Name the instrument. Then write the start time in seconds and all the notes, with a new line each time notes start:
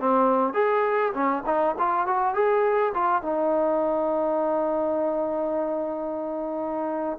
trombone
0.00 C4
0.54 G#4
1.14 C#4
1.47 D#4
1.79 F4
2.07 F#4
2.35 G#4
2.95 F4
3.23 D#4